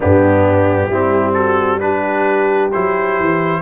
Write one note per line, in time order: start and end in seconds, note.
0.00 0.88 G2
0.00 0.90 B3
0.00 0.89 D4
0.00 1.33 G4
0.88 2.70 G3
0.88 1.80 C4
0.88 1.34 E4
1.33 1.80 F#4
1.33 1.79 A4
1.80 2.70 D4
1.80 3.62 G4
1.80 2.71 B4
2.72 3.20 F#3
2.72 3.62 E4
2.72 3.62 C5
3.20 3.62 E3